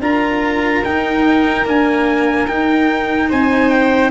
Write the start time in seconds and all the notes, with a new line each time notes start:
0.00 D4 F4 A#4 A#5
0.84 D#4 G5
1.65 A#3 D4 G#5
2.47 D#4 G5
3.29 C4 C5 G#5
3.69 G5